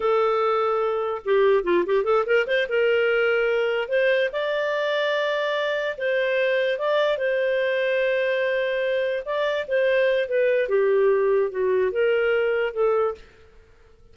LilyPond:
\new Staff \with { instrumentName = "clarinet" } { \time 4/4 \tempo 4 = 146 a'2. g'4 | f'8 g'8 a'8 ais'8 c''8 ais'4.~ | ais'4. c''4 d''4.~ | d''2~ d''8 c''4.~ |
c''8 d''4 c''2~ c''8~ | c''2~ c''8 d''4 c''8~ | c''4 b'4 g'2 | fis'4 ais'2 a'4 | }